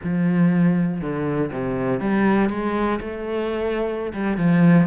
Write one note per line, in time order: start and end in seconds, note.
0.03 1.01 F3
1.01 1.51 D3
1.52 2.00 C3
2.00 2.49 G3
2.49 2.99 G#3
3.00 4.12 A3
4.12 4.37 G3
4.37 4.87 F3